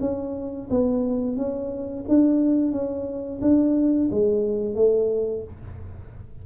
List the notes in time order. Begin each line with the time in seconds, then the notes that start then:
0.00 C#4
0.70 B3
1.36 C#4
2.08 D4
2.71 C#4
3.41 D4
4.10 G#3
4.75 A3